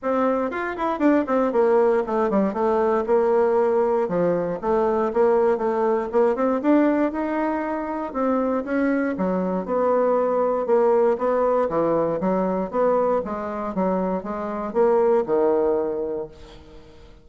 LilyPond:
\new Staff \with { instrumentName = "bassoon" } { \time 4/4 \tempo 4 = 118 c'4 f'8 e'8 d'8 c'8 ais4 | a8 g8 a4 ais2 | f4 a4 ais4 a4 | ais8 c'8 d'4 dis'2 |
c'4 cis'4 fis4 b4~ | b4 ais4 b4 e4 | fis4 b4 gis4 fis4 | gis4 ais4 dis2 | }